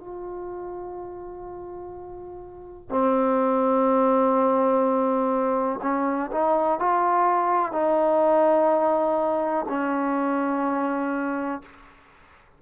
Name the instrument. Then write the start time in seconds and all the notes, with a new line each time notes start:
trombone
0.00 F4
2.90 C4
5.83 C#4
6.32 D#4
6.80 F4
7.73 D#4
9.69 C#4